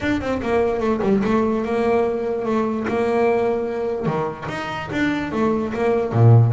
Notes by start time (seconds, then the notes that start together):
0.00 D4
0.21 C4
0.42 A#3
0.80 A3
1.02 G3
1.24 A3
1.65 A#3
2.45 A3
2.87 A#3
4.06 D#3
4.48 D#4
4.91 D4
5.32 A3
5.73 A#3
6.12 A#2